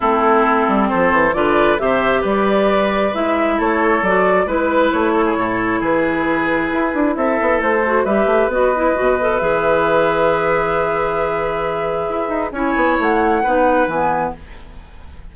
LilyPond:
<<
  \new Staff \with { instrumentName = "flute" } { \time 4/4 \tempo 4 = 134 a'2 c''4 d''4 | e''4 d''2 e''4 | cis''4 d''4 b'4 cis''4~ | cis''4 b'2. |
e''4 c''4 e''4 dis''4~ | dis''4 e''2.~ | e''1 | gis''4 fis''2 gis''4 | }
  \new Staff \with { instrumentName = "oboe" } { \time 4/4 e'2 a'4 b'4 | c''4 b'2. | a'2 b'4. a'16 gis'16 | a'4 gis'2. |
a'2 b'2~ | b'1~ | b'1 | cis''2 b'2 | }
  \new Staff \with { instrumentName = "clarinet" } { \time 4/4 c'2. f'4 | g'2. e'4~ | e'4 fis'4 e'2~ | e'1~ |
e'4. fis'8 g'4 fis'8 e'8 | fis'8 a'8 gis'2.~ | gis'1 | e'2 dis'4 b4 | }
  \new Staff \with { instrumentName = "bassoon" } { \time 4/4 a4. g8 f8 e8 d4 | c4 g2 gis4 | a4 fis4 gis4 a4 | a,4 e2 e'8 d'8 |
c'8 b8 a4 g8 a8 b4 | b,4 e2.~ | e2. e'8 dis'8 | cis'8 b8 a4 b4 e4 | }
>>